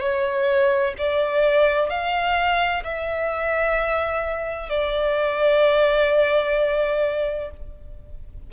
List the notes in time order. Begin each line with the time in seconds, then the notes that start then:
0.00 C#5
0.98 D5
1.89 F5
2.83 E5
4.69 D5